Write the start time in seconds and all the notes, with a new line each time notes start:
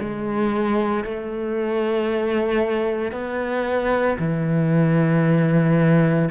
0.00 G#3
1.05 A3
3.12 B3
4.19 E3